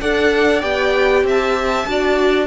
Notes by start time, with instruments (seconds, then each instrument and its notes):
0.00 cello D4, viola A4, violin D5 F#5
0.61 cello B3, viola G4, violin G5
1.23 cello C4, violin E5
1.29 violin A5
1.86 cello D4, viola F#4, violin D5